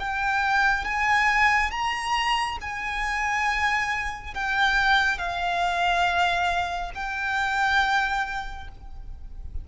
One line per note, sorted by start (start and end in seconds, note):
0.00 0.85 G5
0.85 1.71 G#5
1.71 2.58 A#5
2.62 4.35 G#5
4.35 5.19 G5
5.19 6.92 F5
6.95 8.69 G5